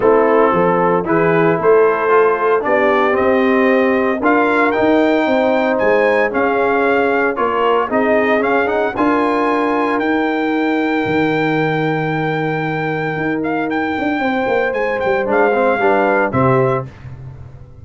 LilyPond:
<<
  \new Staff \with { instrumentName = "trumpet" } { \time 4/4 \tempo 4 = 114 a'2 b'4 c''4~ | c''4 d''4 dis''2 | f''4 g''2 gis''4 | f''2 cis''4 dis''4 |
f''8 fis''8 gis''2 g''4~ | g''1~ | g''4. f''8 g''2 | gis''8 g''8 f''2 e''4 | }
  \new Staff \with { instrumentName = "horn" } { \time 4/4 e'4 a'4 gis'4 a'4~ | a'4 g'2. | ais'2 c''2 | gis'2 ais'4 gis'4~ |
gis'4 ais'2.~ | ais'1~ | ais'2. c''4~ | c''2 b'4 g'4 | }
  \new Staff \with { instrumentName = "trombone" } { \time 4/4 c'2 e'2 | f'4 d'4 c'2 | f'4 dis'2. | cis'2 f'4 dis'4 |
cis'8 dis'8 f'2 dis'4~ | dis'1~ | dis'1~ | dis'4 d'8 c'8 d'4 c'4 | }
  \new Staff \with { instrumentName = "tuba" } { \time 4/4 a4 f4 e4 a4~ | a4 b4 c'2 | d'4 dis'4 c'4 gis4 | cis'2 ais4 c'4 |
cis'4 d'2 dis'4~ | dis'4 dis2.~ | dis4 dis'4. d'8 c'8 ais8 | gis8 g8 gis4 g4 c4 | }
>>